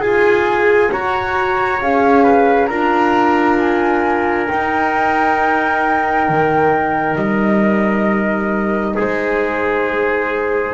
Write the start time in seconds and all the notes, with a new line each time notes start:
0.00 F4 G#4 G#5
0.90 F#4 C#5 A#5
1.81 C#4 G#4 F5
2.23 B4
2.66 D4 F4 A#4 A#5
3.59 G#5
4.49 D#4 G5
6.28 D#3
7.15 G3 D#5
8.96 G#3 G#4 C5